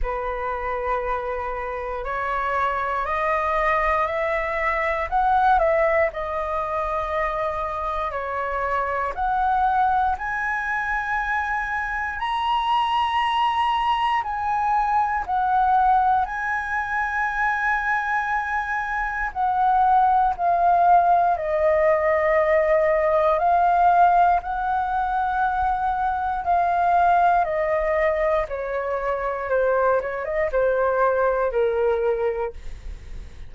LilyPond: \new Staff \with { instrumentName = "flute" } { \time 4/4 \tempo 4 = 59 b'2 cis''4 dis''4 | e''4 fis''8 e''8 dis''2 | cis''4 fis''4 gis''2 | ais''2 gis''4 fis''4 |
gis''2. fis''4 | f''4 dis''2 f''4 | fis''2 f''4 dis''4 | cis''4 c''8 cis''16 dis''16 c''4 ais'4 | }